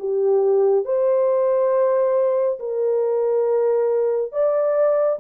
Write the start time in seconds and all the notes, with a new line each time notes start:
0.00 G4
0.85 C5
2.60 A#4
4.33 D5